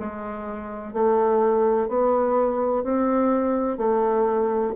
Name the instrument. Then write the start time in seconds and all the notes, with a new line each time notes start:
bassoon
0.00 G#3
0.94 A3
1.89 B3
2.84 C4
3.78 A3